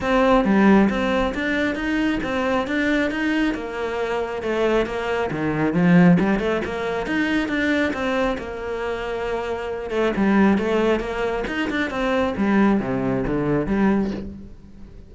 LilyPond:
\new Staff \with { instrumentName = "cello" } { \time 4/4 \tempo 4 = 136 c'4 g4 c'4 d'4 | dis'4 c'4 d'4 dis'4 | ais2 a4 ais4 | dis4 f4 g8 a8 ais4 |
dis'4 d'4 c'4 ais4~ | ais2~ ais8 a8 g4 | a4 ais4 dis'8 d'8 c'4 | g4 c4 d4 g4 | }